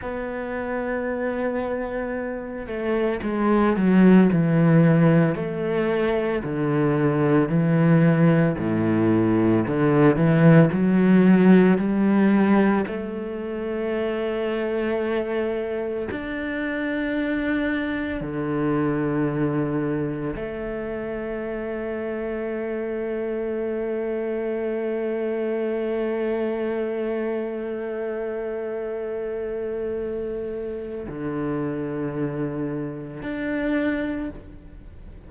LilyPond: \new Staff \with { instrumentName = "cello" } { \time 4/4 \tempo 4 = 56 b2~ b8 a8 gis8 fis8 | e4 a4 d4 e4 | a,4 d8 e8 fis4 g4 | a2. d'4~ |
d'4 d2 a4~ | a1~ | a1~ | a4 d2 d'4 | }